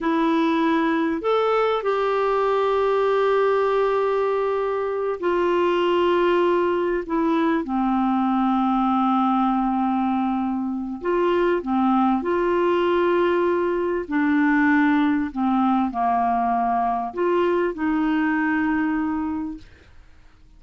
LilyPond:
\new Staff \with { instrumentName = "clarinet" } { \time 4/4 \tempo 4 = 98 e'2 a'4 g'4~ | g'1~ | g'8 f'2. e'8~ | e'8 c'2.~ c'8~ |
c'2 f'4 c'4 | f'2. d'4~ | d'4 c'4 ais2 | f'4 dis'2. | }